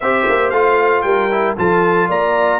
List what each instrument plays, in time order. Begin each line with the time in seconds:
0.00 tuba C4, trombone G4, horn C5, trumpet E5
0.28 tuba A#3
0.50 tuba A3, trombone F4, trumpet F5
1.01 tuba G3, horn A#4, trumpet G5
1.30 trombone E4
1.57 tuba F3, trombone F4, horn A4, trumpet A5
2.08 tuba A#3, horn D5, trumpet A#5